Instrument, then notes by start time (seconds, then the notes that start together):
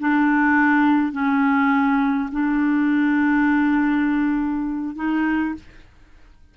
clarinet
0.00 D4
1.12 C#4
2.32 D4
4.96 D#4